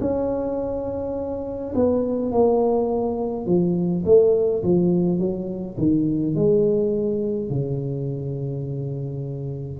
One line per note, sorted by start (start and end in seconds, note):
0.00 1.73 C#4
1.75 2.31 B3
2.31 3.46 A#3
3.46 4.03 F3
4.05 4.63 A3
4.63 5.19 F3
5.19 5.76 F#3
5.77 6.35 D#3
6.35 7.49 G#3
7.49 9.80 C#3